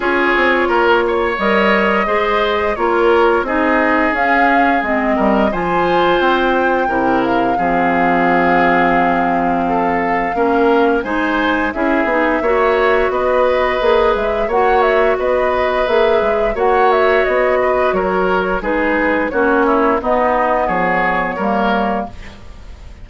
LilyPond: <<
  \new Staff \with { instrumentName = "flute" } { \time 4/4 \tempo 4 = 87 cis''2 dis''2 | cis''4 dis''4 f''4 dis''4 | gis''4 g''4. f''4.~ | f''1 |
gis''4 e''2 dis''4~ | dis''8 e''8 fis''8 e''8 dis''4 e''4 | fis''8 e''8 dis''4 cis''4 b'4 | cis''4 dis''4 cis''2 | }
  \new Staff \with { instrumentName = "oboe" } { \time 4/4 gis'4 ais'8 cis''4. c''4 | ais'4 gis'2~ gis'8 ais'8 | c''2 ais'4 gis'4~ | gis'2 a'4 ais'4 |
c''4 gis'4 cis''4 b'4~ | b'4 cis''4 b'2 | cis''4. b'8 ais'4 gis'4 | fis'8 e'8 dis'4 gis'4 ais'4 | }
  \new Staff \with { instrumentName = "clarinet" } { \time 4/4 f'2 ais'4 gis'4 | f'4 dis'4 cis'4 c'4 | f'2 e'4 c'4~ | c'2. cis'4 |
dis'4 e'8 dis'8 fis'2 | gis'4 fis'2 gis'4 | fis'2. dis'4 | cis'4 b2 ais4 | }
  \new Staff \with { instrumentName = "bassoon" } { \time 4/4 cis'8 c'8 ais4 g4 gis4 | ais4 c'4 cis'4 gis8 g8 | f4 c'4 c4 f4~ | f2. ais4 |
gis4 cis'8 b8 ais4 b4 | ais8 gis8 ais4 b4 ais8 gis8 | ais4 b4 fis4 gis4 | ais4 b4 f4 g4 | }
>>